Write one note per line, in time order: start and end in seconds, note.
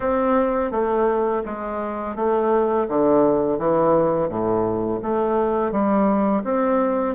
0.00 0.71 C4
0.71 1.43 A3
1.45 2.15 G#3
2.15 2.87 A3
2.88 3.58 D3
3.58 4.28 E3
4.28 5.00 A2
5.02 5.71 A3
5.71 6.43 G3
6.44 7.15 C4